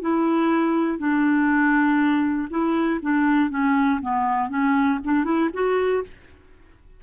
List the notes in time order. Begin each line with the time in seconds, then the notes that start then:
0.00 E4
0.98 D4
2.50 E4
3.02 D4
3.50 C#4
4.01 B3
4.49 C#4
5.04 D4
5.24 E4
5.53 F#4